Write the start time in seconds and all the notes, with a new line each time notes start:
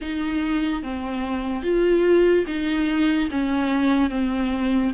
0.01 D#4
0.83 C4
1.63 F4
2.47 D#4
3.30 C#4
4.09 C4